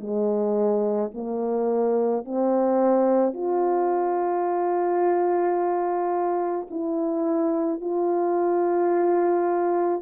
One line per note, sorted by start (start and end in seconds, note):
0.00 1.11 G#3
1.14 2.25 A#3
2.25 3.33 C4
3.33 6.67 F4
6.71 7.81 E4
7.81 10.02 F4